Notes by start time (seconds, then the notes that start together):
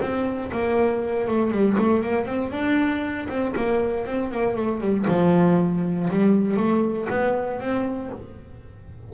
0.00 C4
0.52 A#3
1.27 A3
1.51 G3
1.78 A3
2.03 A#3
2.25 C4
2.51 D4
3.28 C4
3.55 A#3
4.05 C4
4.31 A#3
4.55 A3
4.80 G3
5.07 F3
6.10 G3
6.56 A3
7.09 B3
7.59 C4